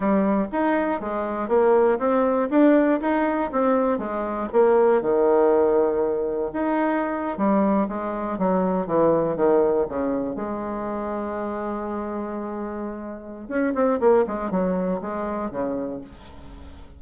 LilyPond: \new Staff \with { instrumentName = "bassoon" } { \time 4/4 \tempo 4 = 120 g4 dis'4 gis4 ais4 | c'4 d'4 dis'4 c'4 | gis4 ais4 dis2~ | dis4 dis'4.~ dis'16 g4 gis16~ |
gis8. fis4 e4 dis4 cis16~ | cis8. gis2.~ gis16~ | gis2. cis'8 c'8 | ais8 gis8 fis4 gis4 cis4 | }